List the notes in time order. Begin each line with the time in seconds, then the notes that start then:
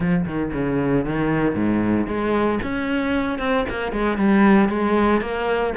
0.00 F3
0.25 D#3
0.53 C#3
1.05 D#3
1.55 G#2
2.07 G#3
2.62 C#4
3.39 C4
3.69 A#3
3.92 G#3
4.17 G3
4.69 G#3
5.21 A#3